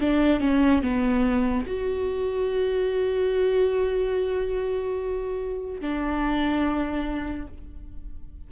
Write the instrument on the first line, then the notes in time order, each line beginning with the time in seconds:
viola
0.00 D4
0.40 C#4
0.82 B3
1.67 F#4
5.81 D4